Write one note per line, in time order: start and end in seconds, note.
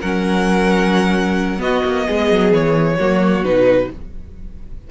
0.00 1.60 F#3
0.00 1.58 C#4
0.00 1.60 A#4
0.00 1.61 F#5
1.58 2.95 B3
1.58 1.83 B3
1.58 2.07 F#4
1.58 2.53 D#5
1.84 2.07 A#3
2.07 2.31 G#3
2.07 2.97 G#4
2.31 2.52 F#3
2.52 2.98 E3
2.52 3.44 C#5
2.97 3.44 F#3
2.97 3.45 A#3
2.97 3.88 F#4
3.44 3.90 B2
3.44 3.90 D#4
3.44 3.90 B4